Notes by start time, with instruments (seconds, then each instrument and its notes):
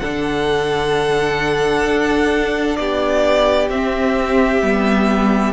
0.00 cello D3, viola D4, violin A4 F#5
1.85 cello D4
2.77 cello B3, violin G4 D5
3.70 cello C4, viola C4, violin E5
4.62 cello G3, viola B3